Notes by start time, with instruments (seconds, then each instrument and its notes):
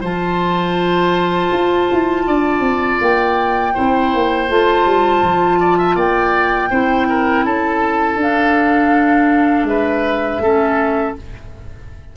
0.00 tuba F3, clarinet F4, oboe C5, flute A5
1.51 tuba F4
1.91 tuba E4
2.27 tuba D4, oboe D5
2.60 tuba C4
3.00 tuba A#3, flute G5
3.73 tuba C4, clarinet E4, oboe C5
4.14 tuba A#3
4.48 tuba A3, clarinet F4, flute A5
4.85 tuba G3
5.22 tuba F3
5.59 oboe D5
5.78 oboe E5
5.95 tuba A#3, oboe D5, flute G5
6.70 tuba C4, clarinet E4, oboe C5
7.08 oboe A#4
7.44 tuba C#4, oboe A4, flute A5
8.15 tuba D4, clarinet D4, flute F5
9.63 tuba G#3, oboe B4, flute E5
10.39 tuba A3, clarinet C#4, oboe A4